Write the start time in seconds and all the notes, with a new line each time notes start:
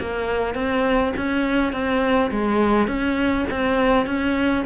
0.00 A#3
0.55 C4
1.17 C#4
1.72 C4
2.31 G#3
2.87 C#4
3.51 C4
4.06 C#4